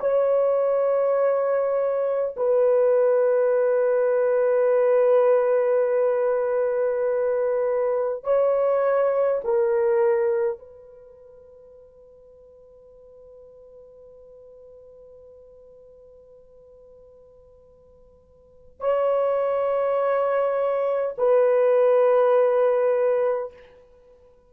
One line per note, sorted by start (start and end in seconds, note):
0.00 2.35 C#5
2.36 8.24 B4
8.24 9.41 C#5
9.44 10.58 A#4
10.58 18.80 B4
18.80 21.16 C#5
21.18 23.53 B4